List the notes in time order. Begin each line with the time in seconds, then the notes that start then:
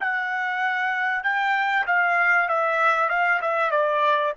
0.00 F#5
1.23 G5
1.86 F5
2.48 E5
3.09 F5
3.41 E5
3.71 D5